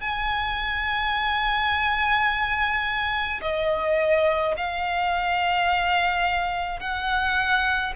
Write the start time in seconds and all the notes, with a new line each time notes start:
0.00 G#5
3.41 D#5
4.57 F5
6.79 F#5